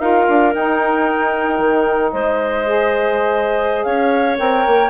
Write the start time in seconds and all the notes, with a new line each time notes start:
0.00 D#4 F4 A#4 F5
0.29 D4
0.54 D#4 G5
1.59 D#3
2.12 G#3 C5 D#5
2.66 G#4
3.84 C#4 C#5 F5
4.38 C4 A#4 G5
4.67 A#3